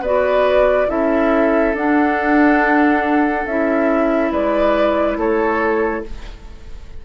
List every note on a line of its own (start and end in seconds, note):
0.00 0.86 B3
0.00 0.87 F#4
0.00 0.87 B4
0.00 0.89 D5
0.87 1.73 C#4
0.87 1.73 E4
0.87 4.31 A4
0.87 1.75 E5
1.73 3.45 D4
1.73 3.47 D4
1.73 3.46 F#5
3.45 4.31 C#4
3.45 6.05 E4
3.45 4.32 E5
4.31 5.16 G#3
4.31 5.17 B4
4.31 5.18 D5
5.16 6.02 A3
5.16 6.04 A4
5.16 6.04 C#5